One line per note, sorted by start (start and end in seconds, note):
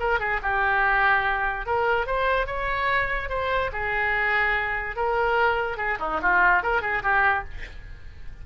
0.00 0.20 A#4
0.20 0.41 G#4
0.43 1.66 G4
1.66 2.07 A#4
2.07 2.47 C5
2.47 3.29 C#5
3.30 3.71 C5
3.73 4.96 G#4
4.96 5.77 A#4
5.77 5.98 G#4
6.00 6.21 D#4
6.22 6.63 F4
6.63 6.82 A#4
6.82 7.03 G#4
7.03 7.44 G4